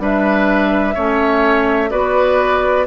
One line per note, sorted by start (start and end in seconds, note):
0.00 0.95 G3
0.00 0.95 D4
0.00 0.95 B4
0.00 1.91 E5
0.95 1.92 A3
0.95 1.91 C#4
0.95 1.90 C#5
1.91 2.87 B3
1.91 2.86 F#4
1.91 2.87 B4
1.91 2.86 D5